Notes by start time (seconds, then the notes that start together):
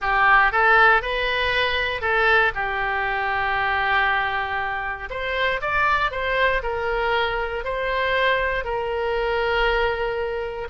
0.01 G4
0.52 A4
1.02 B4
2.01 A4
2.54 G4
5.10 C5
5.61 D5
6.11 C5
6.62 A#4
7.64 C5
8.64 A#4